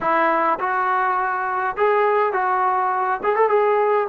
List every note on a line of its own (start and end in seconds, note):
0.00 0.59 E4
0.59 1.76 F#4
1.76 2.32 G#4
2.32 3.20 F#4
3.23 3.35 G#4
3.35 3.49 A4
3.49 4.07 G#4